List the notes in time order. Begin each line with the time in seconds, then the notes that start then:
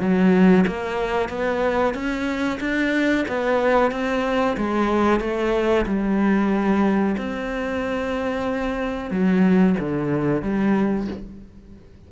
0.00 F#3
0.67 A#3
1.29 B3
1.94 C#4
2.60 D4
3.28 B3
3.91 C4
4.57 G#3
5.20 A3
5.86 G3
7.17 C4
9.11 F#3
9.79 D3
10.42 G3